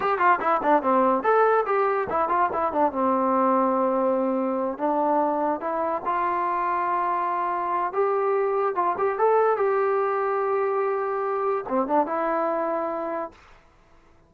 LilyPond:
\new Staff \with { instrumentName = "trombone" } { \time 4/4 \tempo 4 = 144 g'8 f'8 e'8 d'8 c'4 a'4 | g'4 e'8 f'8 e'8 d'8 c'4~ | c'2.~ c'8 d'8~ | d'4. e'4 f'4.~ |
f'2. g'4~ | g'4 f'8 g'8 a'4 g'4~ | g'1 | c'8 d'8 e'2. | }